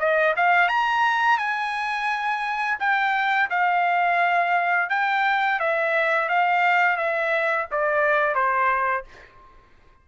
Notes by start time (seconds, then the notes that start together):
0.00 D#5
0.37 F5
0.69 A#5
1.38 G#5
2.80 G5
3.50 F5
4.90 G5
5.60 E5
6.29 F5
6.97 E5
7.72 D5
8.35 C5